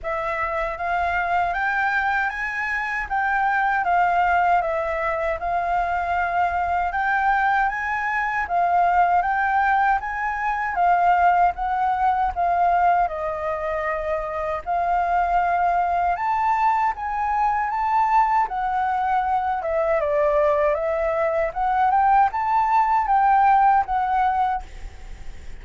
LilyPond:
\new Staff \with { instrumentName = "flute" } { \time 4/4 \tempo 4 = 78 e''4 f''4 g''4 gis''4 | g''4 f''4 e''4 f''4~ | f''4 g''4 gis''4 f''4 | g''4 gis''4 f''4 fis''4 |
f''4 dis''2 f''4~ | f''4 a''4 gis''4 a''4 | fis''4. e''8 d''4 e''4 | fis''8 g''8 a''4 g''4 fis''4 | }